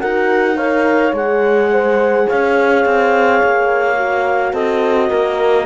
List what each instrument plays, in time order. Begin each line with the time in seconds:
0.00 cello D#4, horn F#4 A#4, clarinet F#5
0.57 horn A#4 C#5, clarinet F5
1.13 cello G#3, horn G#4, clarinet F#5
1.72 horn C5
2.27 cello C#4, horn C#5, clarinet F5
2.85 cello C4
3.43 cello A#3
3.97 horn F#4
4.53 cello C4, horn A4, clarinet D#5
5.10 cello A#3, horn A#4